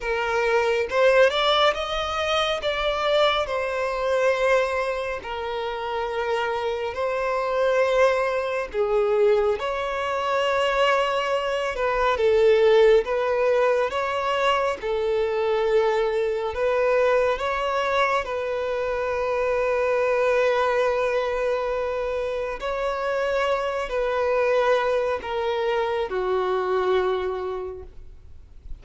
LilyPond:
\new Staff \with { instrumentName = "violin" } { \time 4/4 \tempo 4 = 69 ais'4 c''8 d''8 dis''4 d''4 | c''2 ais'2 | c''2 gis'4 cis''4~ | cis''4. b'8 a'4 b'4 |
cis''4 a'2 b'4 | cis''4 b'2.~ | b'2 cis''4. b'8~ | b'4 ais'4 fis'2 | }